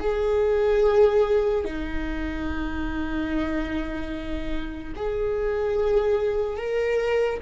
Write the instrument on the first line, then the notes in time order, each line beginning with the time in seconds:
viola
0.00 G#4
1.64 D#4
4.95 G#4
6.57 A#4